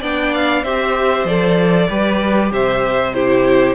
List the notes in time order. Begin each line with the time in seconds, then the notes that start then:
0.00 B3 D4 D5 G5
0.34 F5
0.63 C4 G4 C5 E5
1.24 F3 A4 D5
1.88 G3 G4 B4
2.51 C3 C5 E5
3.13 E4 G4 C5